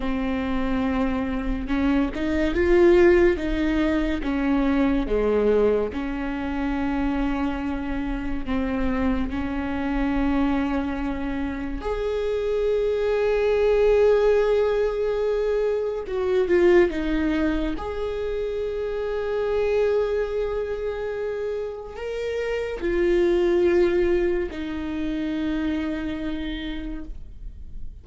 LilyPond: \new Staff \with { instrumentName = "viola" } { \time 4/4 \tempo 4 = 71 c'2 cis'8 dis'8 f'4 | dis'4 cis'4 gis4 cis'4~ | cis'2 c'4 cis'4~ | cis'2 gis'2~ |
gis'2. fis'8 f'8 | dis'4 gis'2.~ | gis'2 ais'4 f'4~ | f'4 dis'2. | }